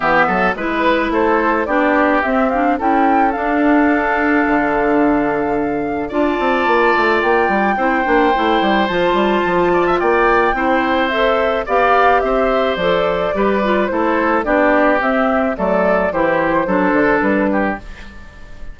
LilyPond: <<
  \new Staff \with { instrumentName = "flute" } { \time 4/4 \tempo 4 = 108 e''4 b'4 c''4 d''4 | e''8 f''8 g''4 f''2~ | f''2. a''4~ | a''4 g''2. |
a''2 g''2 | e''4 f''4 e''4 d''4~ | d''4 c''4 d''4 e''4 | d''4 c''2 b'4 | }
  \new Staff \with { instrumentName = "oboe" } { \time 4/4 g'8 a'8 b'4 a'4 g'4~ | g'4 a'2.~ | a'2. d''4~ | d''2 c''2~ |
c''4. d''16 e''16 d''4 c''4~ | c''4 d''4 c''2 | b'4 a'4 g'2 | a'4 g'4 a'4. g'8 | }
  \new Staff \with { instrumentName = "clarinet" } { \time 4/4 b4 e'2 d'4 | c'8 d'8 e'4 d'2~ | d'2. f'4~ | f'2 e'8 d'8 e'4 |
f'2. e'4 | a'4 g'2 a'4 | g'8 f'8 e'4 d'4 c'4 | a4 e'4 d'2 | }
  \new Staff \with { instrumentName = "bassoon" } { \time 4/4 e8 fis8 gis4 a4 b4 | c'4 cis'4 d'2 | d2. d'8 c'8 | ais8 a8 ais8 g8 c'8 ais8 a8 g8 |
f8 g8 f4 ais4 c'4~ | c'4 b4 c'4 f4 | g4 a4 b4 c'4 | fis4 e4 fis8 d8 g4 | }
>>